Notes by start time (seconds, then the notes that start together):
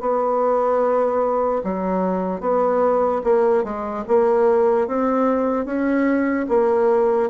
0.00 B3
1.64 F#3
2.41 B3
3.24 A#3
3.63 G#3
4.08 A#3
4.87 C4
5.65 C#4
6.49 A#3